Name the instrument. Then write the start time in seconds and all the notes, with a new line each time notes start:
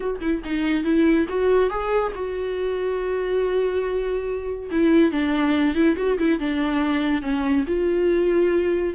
viola
0.00 F#4
0.21 E4
0.44 D#4
0.84 E4
1.28 F#4
1.69 G#4
2.15 F#4
4.71 E4
5.11 D4
5.74 E4
5.96 F#4
6.18 E4
6.39 D4
7.22 C#4
7.67 F4